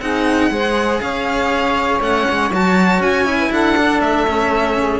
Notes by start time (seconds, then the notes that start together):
0.00 C4 D#4 G#4 F#5
0.50 G#3 G#4 C5
1.01 C#4 C#5 F5
2.00 A3 C#4 F#5
2.30 G#3
2.51 F#3 F#4 A5
2.99 C#4 G#5
3.25 E4
3.38 B4
3.51 D4 A4 F#5
3.77 D4
4.00 A3 E5
4.28 C#4
4.77 G#4